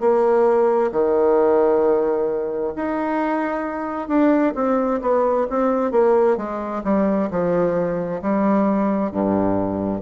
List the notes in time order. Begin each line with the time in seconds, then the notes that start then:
0.00 A#3
0.92 D#3
2.76 D#4
4.08 D4
4.55 C4
5.01 B3
5.50 C4
5.91 A#3
6.37 G#3
6.83 G3
7.31 F3
8.21 G3
9.11 G2